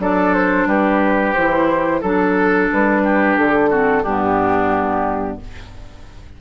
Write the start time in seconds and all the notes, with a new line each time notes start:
0.00 F#3 D4 A4 D5
0.34 C5
0.66 G3 G4 B4
1.34 E3 E4 C5
2.01 F#3 D4 A4
2.73 G3 B4
3.04 G4
3.37 D3 A4
3.71 C4 F#4
4.03 G2 B3 D4 G4